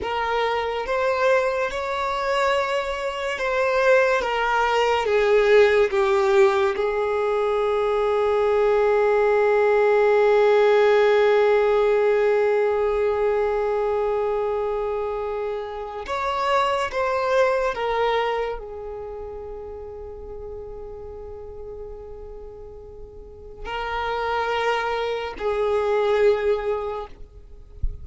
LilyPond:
\new Staff \with { instrumentName = "violin" } { \time 4/4 \tempo 4 = 71 ais'4 c''4 cis''2 | c''4 ais'4 gis'4 g'4 | gis'1~ | gis'1~ |
gis'2. cis''4 | c''4 ais'4 gis'2~ | gis'1 | ais'2 gis'2 | }